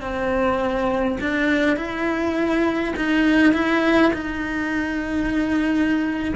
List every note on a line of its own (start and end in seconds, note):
0.00 1.18 C4
1.21 1.76 D4
1.76 2.94 E4
2.96 3.53 D#4
3.53 4.12 E4
4.13 6.34 D#4